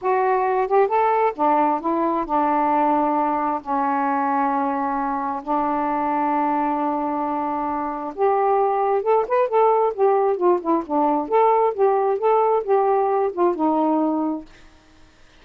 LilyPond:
\new Staff \with { instrumentName = "saxophone" } { \time 4/4 \tempo 4 = 133 fis'4. g'8 a'4 d'4 | e'4 d'2. | cis'1 | d'1~ |
d'2 g'2 | a'8 b'8 a'4 g'4 f'8 e'8 | d'4 a'4 g'4 a'4 | g'4. f'8 dis'2 | }